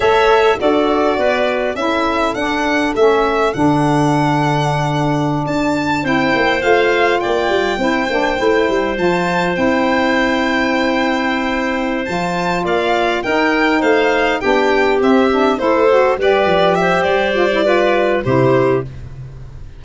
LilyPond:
<<
  \new Staff \with { instrumentName = "violin" } { \time 4/4 \tempo 4 = 102 e''4 d''2 e''4 | fis''4 e''4 fis''2~ | fis''4~ fis''16 a''4 g''4 f''8.~ | f''16 g''2. a''8.~ |
a''16 g''2.~ g''8.~ | g''8 a''4 f''4 g''4 f''8~ | f''8 g''4 e''4 c''4 d''8~ | d''8 e''8 d''2 c''4 | }
  \new Staff \with { instrumentName = "clarinet" } { \time 4/4 cis''4 a'4 b'4 a'4~ | a'1~ | a'2~ a'16 c''4.~ c''16~ | c''16 d''4 c''2~ c''8.~ |
c''1~ | c''4. d''4 ais'4 c''8~ | c''8 g'2 a'4 b'8~ | b'8 c''4. b'4 g'4 | }
  \new Staff \with { instrumentName = "saxophone" } { \time 4/4 a'4 fis'2 e'4 | d'4 cis'4 d'2~ | d'2~ d'16 e'4 f'8.~ | f'4~ f'16 e'8 d'8 e'4 f'8.~ |
f'16 e'2.~ e'8.~ | e'8 f'2 dis'4.~ | dis'8 d'4 c'8 d'8 e'8 fis'8 g'8~ | g'4. f'16 e'16 f'4 e'4 | }
  \new Staff \with { instrumentName = "tuba" } { \time 4/4 a4 d'4 b4 cis'4 | d'4 a4 d2~ | d4~ d16 d'4 c'8 ais8 a8.~ | a16 ais8 g8 c'8 ais8 a8 g8 f8.~ |
f16 c'2.~ c'8.~ | c'8 f4 ais4 dis'4 a8~ | a8 b4 c'4 a4 g8 | f4 g2 c4 | }
>>